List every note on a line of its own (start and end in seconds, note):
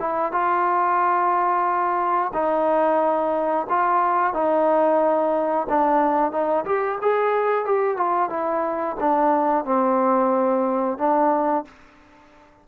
0.00 0.32 E4
0.32 2.32 F4
2.34 3.67 D#4
3.69 4.34 F4
4.34 5.68 D#4
5.69 6.32 D4
6.32 6.65 D#4
6.65 6.99 G4
7.02 7.65 G#4
7.65 7.97 G4
7.97 8.30 F4
8.30 8.97 E4
9.00 9.65 D4
9.65 10.98 C4
10.98 11.65 D4